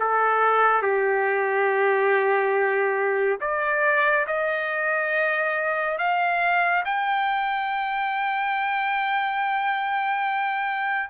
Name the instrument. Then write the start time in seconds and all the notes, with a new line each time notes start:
trumpet
0.00 A4
0.83 G4
3.41 D5
4.27 D#5
5.98 F5
6.85 G5